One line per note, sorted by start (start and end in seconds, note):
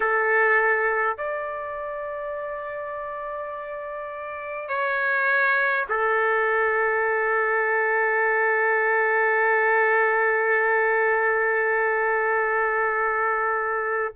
0.00 1.17 A4
1.17 4.68 D5
4.68 5.86 C#5
5.89 14.12 A4